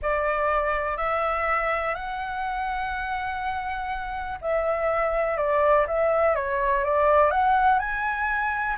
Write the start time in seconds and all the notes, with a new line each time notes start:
0.02 D5
0.97 E5
1.94 F#5
4.41 E5
5.37 D5
5.87 E5
6.35 C#5
6.84 D5
7.31 F#5
7.79 G#5